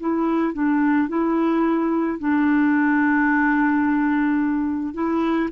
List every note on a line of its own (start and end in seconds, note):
0.00 0.53 E4
0.53 1.08 D4
1.08 2.19 E4
2.19 4.94 D4
4.94 5.49 E4